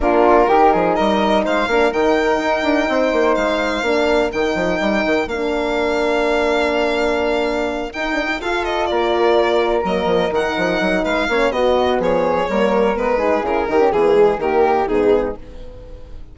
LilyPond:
<<
  \new Staff \with { instrumentName = "violin" } { \time 4/4 \tempo 4 = 125 ais'2 dis''4 f''4 | g''2. f''4~ | f''4 g''2 f''4~ | f''1~ |
f''8 g''4 f''8 dis''8 d''4.~ | d''8 dis''4 fis''4. f''4 | dis''4 cis''2 b'4 | ais'4 gis'4 ais'4 gis'4 | }
  \new Staff \with { instrumentName = "flute" } { \time 4/4 f'4 g'8 gis'8 ais'4 c''8 ais'8~ | ais'2 c''2 | ais'1~ | ais'1~ |
ais'4. a'4 ais'4.~ | ais'2. b'8 cis''8 | fis'4 gis'4 ais'4. gis'8~ | gis'8 g'8 gis'4 g'4 dis'4 | }
  \new Staff \with { instrumentName = "horn" } { \time 4/4 d'4 dis'2~ dis'8 d'8 | dis'1 | d'4 dis'2 d'4~ | d'1~ |
d'8 dis'8 d'16 dis'16 f'2~ f'8~ | f'8 ais4 dis'2 cis'8 | b2 ais4 b8 dis'8 | e'8 dis'16 cis'16 b16 ais16 gis8 ais4 b4 | }
  \new Staff \with { instrumentName = "bassoon" } { \time 4/4 ais4 dis8 f8 g4 gis8 ais8 | dis4 dis'8 d'8 c'8 ais8 gis4 | ais4 dis8 f8 g8 dis8 ais4~ | ais1~ |
ais8 dis'4 f'4 ais4.~ | ais8 fis8 f8 dis8 f8 fis8 gis8 ais8 | b4 f4 g4 gis4 | cis8 dis8 e4 dis4 gis,4 | }
>>